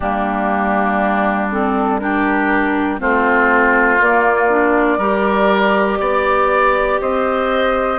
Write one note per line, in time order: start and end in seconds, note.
0.00 3.00 G3
0.00 1.51 A#3
0.00 2.00 D4
0.00 1.48 G4
1.51 2.00 C4
1.51 1.99 A4
1.99 2.99 D4
1.99 3.00 G4
1.99 2.99 A#4
2.99 4.00 A3
2.99 3.99 C4
2.99 4.98 F4
2.99 4.00 C5
4.00 4.98 A#3
4.00 4.49 A#3
4.00 7.00 D5
4.49 4.99 D4
4.98 5.98 G3
4.98 7.99 G4
4.98 5.98 A#4
6.00 7.00 B3
6.00 7.00 D5
7.00 7.99 C4
7.00 7.99 C5
7.00 7.99 D#5